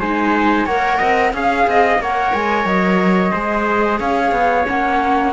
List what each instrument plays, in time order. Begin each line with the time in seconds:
0.00 cello G#3, viola D#4, trumpet C5, flute G#5
0.66 cello A#3, viola A#4, trumpet C#5, flute F#5
0.98 cello C4, trumpet D#5
1.33 cello C#4, viola G#4, flute F5, trumpet F5
1.67 cello C4, trumpet D#5
1.98 cello A#3, viola A#4, trumpet C#5, flute F#5
2.34 cello G#3, flute G#5
2.65 cello F#3, flute D#5
3.32 cello G#3, viola G#4, trumpet C5
3.99 cello C#4, trumpet C#5, flute F5
4.32 cello B3
4.65 cello A#3, viola C#4, flute F#5